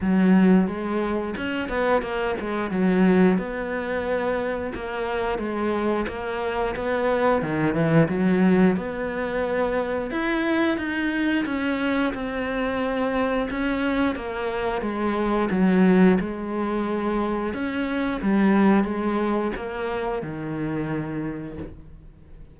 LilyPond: \new Staff \with { instrumentName = "cello" } { \time 4/4 \tempo 4 = 89 fis4 gis4 cis'8 b8 ais8 gis8 | fis4 b2 ais4 | gis4 ais4 b4 dis8 e8 | fis4 b2 e'4 |
dis'4 cis'4 c'2 | cis'4 ais4 gis4 fis4 | gis2 cis'4 g4 | gis4 ais4 dis2 | }